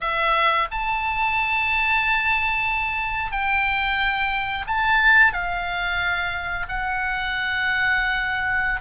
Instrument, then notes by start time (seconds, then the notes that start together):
oboe
0.01 E5
0.71 A5
3.32 G5
4.67 A5
5.33 F5
6.68 F#5